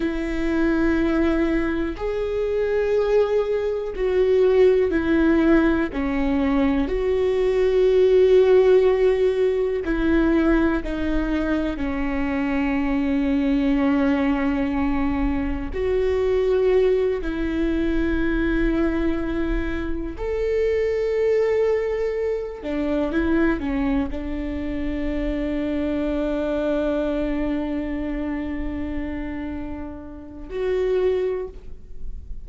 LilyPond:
\new Staff \with { instrumentName = "viola" } { \time 4/4 \tempo 4 = 61 e'2 gis'2 | fis'4 e'4 cis'4 fis'4~ | fis'2 e'4 dis'4 | cis'1 |
fis'4. e'2~ e'8~ | e'8 a'2~ a'8 d'8 e'8 | cis'8 d'2.~ d'8~ | d'2. fis'4 | }